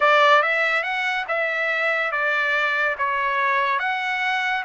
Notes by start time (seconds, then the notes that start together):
0.00 D5
0.42 E5
0.83 F#5
1.28 E5
2.11 D5
2.98 C#5
3.79 F#5